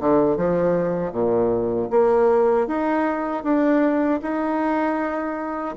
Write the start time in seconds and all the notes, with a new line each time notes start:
0.00 D3
0.37 F3
1.12 A#2
1.90 A#3
2.67 D#4
3.43 D4
4.22 D#4